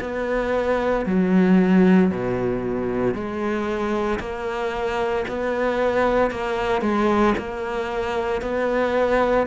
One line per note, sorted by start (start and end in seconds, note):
0.00 1.05 B3
1.05 2.11 F#3
2.11 3.13 B2
3.13 4.19 G#3
4.19 5.24 A#3
5.28 6.31 B3
6.31 6.81 A#3
6.81 7.34 G#3
7.38 8.42 A#3
8.42 9.47 B3